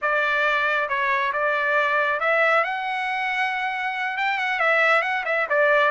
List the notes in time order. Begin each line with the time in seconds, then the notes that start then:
0.01 D5
0.88 C#5
1.32 D5
2.20 E5
2.64 F#5
4.17 G5
4.37 F#5
4.59 E5
5.01 F#5
5.25 E5
5.49 D5